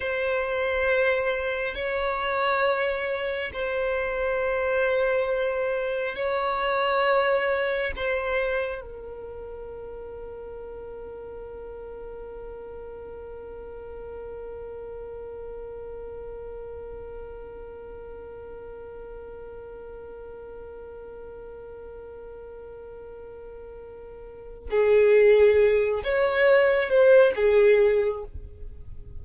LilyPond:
\new Staff \with { instrumentName = "violin" } { \time 4/4 \tempo 4 = 68 c''2 cis''2 | c''2. cis''4~ | cis''4 c''4 ais'2~ | ais'1~ |
ais'1~ | ais'1~ | ais'1 | gis'4. cis''4 c''8 gis'4 | }